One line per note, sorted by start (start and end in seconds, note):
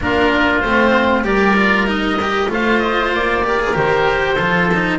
0.00 0.63 A#3
0.00 0.63 D4
0.00 1.26 F4
0.00 0.60 A#4
0.60 1.22 A3
0.60 1.24 C4
0.60 1.23 C5
1.22 2.47 G3
1.22 1.55 G4
1.22 2.51 A#4
1.22 1.87 D5
1.56 1.87 F4
1.87 2.18 D#4
1.87 2.51 D#5
2.22 2.48 G4
2.48 3.11 A3
2.48 3.42 F4
2.48 3.46 C5
2.48 2.79 F5
2.79 3.10 D#5
3.11 3.74 A#3
3.11 3.76 D5
3.44 3.59 G4
3.44 4.35 A#4
3.59 3.74 G#4
3.74 4.38 D#3
3.74 4.36 G4
3.74 4.99 C5
4.35 4.99 F3
4.35 4.70 F4
4.35 4.97 A4
4.74 4.99 D#4